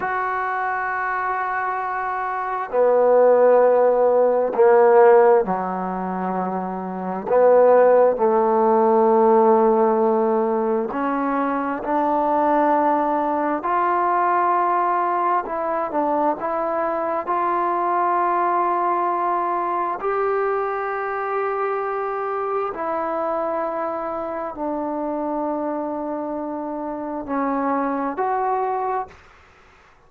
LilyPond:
\new Staff \with { instrumentName = "trombone" } { \time 4/4 \tempo 4 = 66 fis'2. b4~ | b4 ais4 fis2 | b4 a2. | cis'4 d'2 f'4~ |
f'4 e'8 d'8 e'4 f'4~ | f'2 g'2~ | g'4 e'2 d'4~ | d'2 cis'4 fis'4 | }